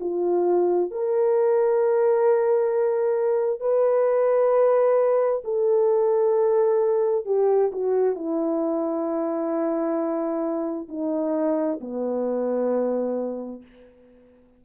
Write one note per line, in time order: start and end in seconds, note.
0.00 0.91 F4
0.91 3.60 A#4
3.60 5.42 B4
5.44 7.25 A4
7.25 7.71 G4
7.72 8.15 F#4
8.15 10.88 E4
10.88 11.79 D#4
11.81 13.62 B3